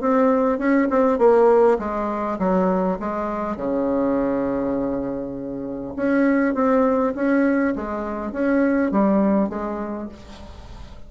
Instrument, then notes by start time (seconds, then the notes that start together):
bassoon
0.00 C4
0.58 C#4
0.90 C4
1.18 A#3
1.78 G#3
2.38 F#3
2.99 G#3
3.56 C#3
5.95 C#4
6.54 C4
7.15 C#4
7.75 G#3
8.32 C#4
8.91 G3
9.49 G#3